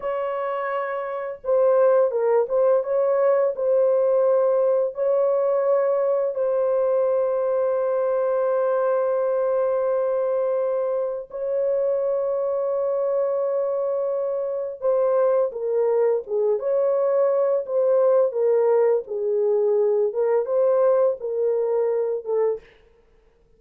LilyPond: \new Staff \with { instrumentName = "horn" } { \time 4/4 \tempo 4 = 85 cis''2 c''4 ais'8 c''8 | cis''4 c''2 cis''4~ | cis''4 c''2.~ | c''1 |
cis''1~ | cis''4 c''4 ais'4 gis'8 cis''8~ | cis''4 c''4 ais'4 gis'4~ | gis'8 ais'8 c''4 ais'4. a'8 | }